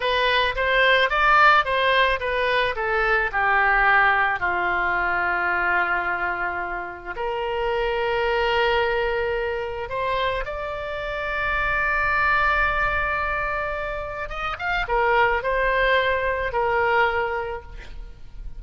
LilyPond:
\new Staff \with { instrumentName = "oboe" } { \time 4/4 \tempo 4 = 109 b'4 c''4 d''4 c''4 | b'4 a'4 g'2 | f'1~ | f'4 ais'2.~ |
ais'2 c''4 d''4~ | d''1~ | d''2 dis''8 f''8 ais'4 | c''2 ais'2 | }